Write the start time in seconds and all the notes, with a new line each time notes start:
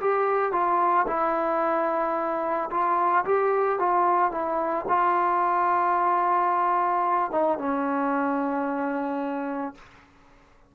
0.00 G4
0.52 F4
1.07 E4
2.70 F4
3.25 G4
3.79 F4
4.31 E4
4.88 F4
7.31 D#4
7.58 C#4